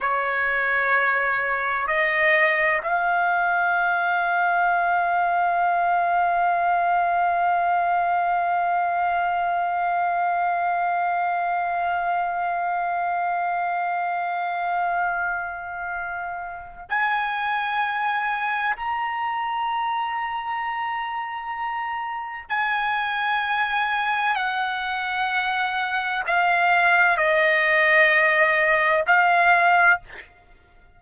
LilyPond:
\new Staff \with { instrumentName = "trumpet" } { \time 4/4 \tempo 4 = 64 cis''2 dis''4 f''4~ | f''1~ | f''1~ | f''1~ |
f''2 gis''2 | ais''1 | gis''2 fis''2 | f''4 dis''2 f''4 | }